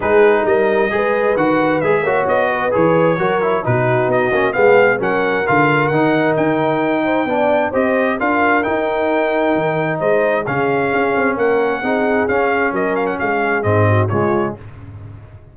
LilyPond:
<<
  \new Staff \with { instrumentName = "trumpet" } { \time 4/4 \tempo 4 = 132 b'4 dis''2 fis''4 | e''4 dis''4 cis''2 | b'4 dis''4 f''4 fis''4 | f''4 fis''4 g''2~ |
g''4 dis''4 f''4 g''4~ | g''2 dis''4 f''4~ | f''4 fis''2 f''4 | dis''8 f''16 fis''16 f''4 dis''4 cis''4 | }
  \new Staff \with { instrumentName = "horn" } { \time 4/4 gis'4 ais'4 b'2~ | b'8 cis''4 b'4. ais'4 | fis'2 gis'4 ais'4~ | ais'2.~ ais'8 c''8 |
d''4 c''4 ais'2~ | ais'2 c''4 gis'4~ | gis'4 ais'4 gis'2 | ais'4 gis'4. fis'8 f'4 | }
  \new Staff \with { instrumentName = "trombone" } { \time 4/4 dis'2 gis'4 fis'4 | gis'8 fis'4. gis'4 fis'8 e'8 | dis'4. cis'8 b4 cis'4 | f'4 dis'2. |
d'4 g'4 f'4 dis'4~ | dis'2. cis'4~ | cis'2 dis'4 cis'4~ | cis'2 c'4 gis4 | }
  \new Staff \with { instrumentName = "tuba" } { \time 4/4 gis4 g4 gis4 dis4 | gis8 ais8 b4 e4 fis4 | b,4 b8 ais8 gis4 fis4 | d4 dis4 dis'2 |
b4 c'4 d'4 dis'4~ | dis'4 dis4 gis4 cis4 | cis'8 c'8 ais4 c'4 cis'4 | fis4 gis4 gis,4 cis4 | }
>>